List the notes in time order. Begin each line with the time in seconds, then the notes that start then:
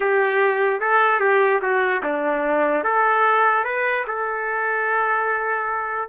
0.00 G4
0.80 A4
1.20 G4
1.62 F#4
2.03 D4
2.83 A4
3.64 B4
4.07 A4